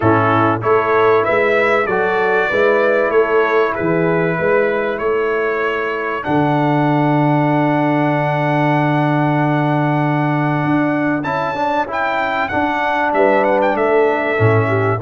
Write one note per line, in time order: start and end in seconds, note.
0.00 0.62 A2
0.00 0.61 C#4
0.00 0.62 E4
0.00 0.60 A4
0.61 1.25 A3
0.61 1.86 E4
0.61 1.24 A4
0.61 1.24 C#5
1.24 1.86 G#3
1.24 1.86 B4
1.24 1.86 E5
1.86 2.49 F#3
1.86 2.52 F#4
1.86 2.49 A4
1.86 3.10 D5
2.49 3.08 G#3
2.49 6.23 E4
2.49 3.10 B4
3.08 3.71 A3
3.08 3.73 A4
3.08 3.73 C#5
3.74 4.39 E3
3.74 4.36 G#4
3.74 4.98 B4
4.38 4.99 G#3
4.38 4.98 B4
4.98 6.24 A3
4.98 13.11 A4
4.98 6.23 C#5
6.23 10.64 D3
6.23 11.23 D4
6.23 11.23 F#5
10.64 11.24 D4
11.23 12.49 C#4
11.23 11.55 E4
11.23 11.86 A5
11.55 11.86 D4
11.87 12.50 E4
11.87 12.48 G5
12.48 14.37 D4
12.48 13.13 D4
12.48 13.11 F#5
13.13 13.74 G3
13.13 13.78 B4
13.13 13.43 E5
13.43 13.59 F#5
13.61 13.76 G5
13.74 14.37 A3
13.74 14.68 A4
13.74 15.01 E5
14.37 15.01 A2
14.37 14.99 C#4
14.68 14.99 G4